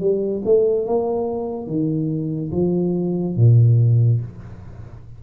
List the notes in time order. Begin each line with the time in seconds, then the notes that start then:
0.00 G3
0.45 A3
0.86 A#3
1.67 D#3
2.51 F3
3.36 A#2